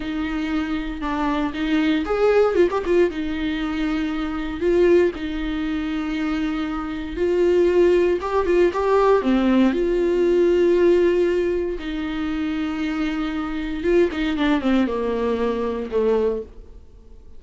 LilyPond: \new Staff \with { instrumentName = "viola" } { \time 4/4 \tempo 4 = 117 dis'2 d'4 dis'4 | gis'4 f'16 g'16 f'8 dis'2~ | dis'4 f'4 dis'2~ | dis'2 f'2 |
g'8 f'8 g'4 c'4 f'4~ | f'2. dis'4~ | dis'2. f'8 dis'8 | d'8 c'8 ais2 a4 | }